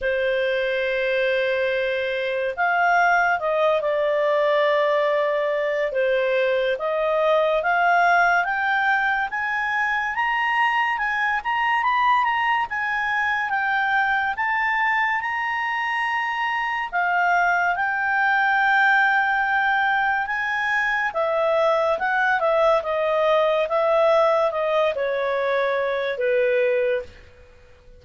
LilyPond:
\new Staff \with { instrumentName = "clarinet" } { \time 4/4 \tempo 4 = 71 c''2. f''4 | dis''8 d''2~ d''8 c''4 | dis''4 f''4 g''4 gis''4 | ais''4 gis''8 ais''8 b''8 ais''8 gis''4 |
g''4 a''4 ais''2 | f''4 g''2. | gis''4 e''4 fis''8 e''8 dis''4 | e''4 dis''8 cis''4. b'4 | }